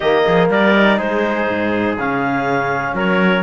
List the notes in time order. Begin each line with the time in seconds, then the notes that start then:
0.00 D#3 A#3 G4 D#5
0.25 F3 G#4
0.49 G3 A#4 D5
0.74 D#4
0.97 G#3 G#4 C5
1.48 G#2
1.98 C#3 C#4 F5
2.93 F#3 A#4 C#5